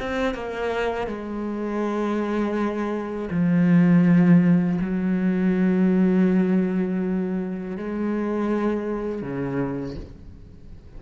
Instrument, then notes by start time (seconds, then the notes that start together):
cello
0.00 C4
0.35 A#3
1.07 G#3
3.31 F3
4.81 F#3
7.77 G#3
9.22 C#3